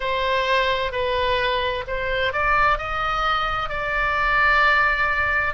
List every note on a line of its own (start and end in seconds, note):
0.00 0.92 C5
0.92 1.84 B4
1.87 2.32 C5
2.32 2.77 D5
2.77 3.69 D#5
3.69 5.53 D5